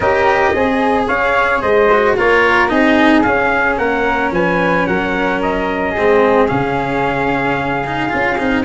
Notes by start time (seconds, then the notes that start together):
0.00 C#4 G4 A#4 D#5
0.54 C4 G#4
1.08 C#4 C#5 F5
1.61 G#3 C5 D#5
1.91 F#4
2.16 A#3 F4 A#4 C#5
2.68 C4 D#4 G#4 D#5
3.22 C#4 F5
3.77 A#3 A#4 F#5
4.31 F3 B4 G#5
4.86 F#3 A#4 F#5
5.42 D#5
5.90 G#3 G#4
5.97 C4
6.48 C#3 C#4 F5
7.86 D#4
8.09 C#4 F4
8.38 C4 D#4